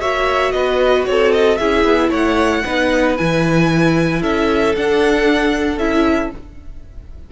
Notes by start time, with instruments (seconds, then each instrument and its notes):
0.00 cello A#3, viola F#4, violin C#5 E5
0.52 cello B3, violin B4 D#5
1.06 cello C4, violin A4 C#5
1.32 violin D#5
1.57 cello C#4, viola E4, violin G#4 E5
1.84 cello B3
2.09 cello A3, violin C#5 F#5
2.65 cello B3, viola D#4, violin B4
3.17 cello E3, viola E4, violin G#5
4.20 cello C#4, violin A4 E5
4.76 cello D4, viola D4, violin F#5
5.77 cello C#4, viola E4, violin E5